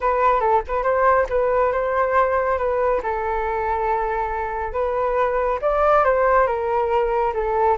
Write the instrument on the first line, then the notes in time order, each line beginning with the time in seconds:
flute
0.00 B4
0.40 A4
0.67 B4
0.83 C5
1.29 B4
1.72 C5
2.57 B4
3.02 A4
4.72 B4
5.61 D5
6.04 C5
6.46 A#4
7.33 A4